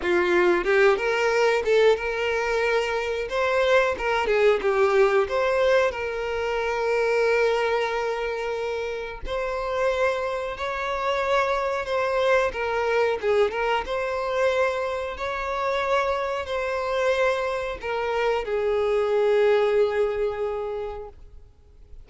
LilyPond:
\new Staff \with { instrumentName = "violin" } { \time 4/4 \tempo 4 = 91 f'4 g'8 ais'4 a'8 ais'4~ | ais'4 c''4 ais'8 gis'8 g'4 | c''4 ais'2.~ | ais'2 c''2 |
cis''2 c''4 ais'4 | gis'8 ais'8 c''2 cis''4~ | cis''4 c''2 ais'4 | gis'1 | }